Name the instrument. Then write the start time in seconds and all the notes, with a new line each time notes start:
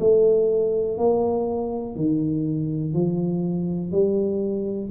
tuba
0.00 A3
0.98 A#3
1.96 D#3
2.94 F3
3.92 G3